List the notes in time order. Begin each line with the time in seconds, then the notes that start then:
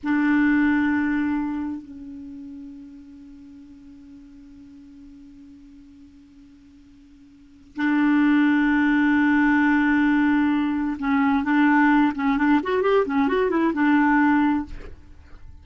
0.03 D4
1.82 C#4
7.76 D4
10.99 C#4
11.44 D4
12.15 C#4
12.37 D4
12.63 F#4
12.82 G4
13.05 C#4
13.28 F#4
13.50 E4
13.73 D4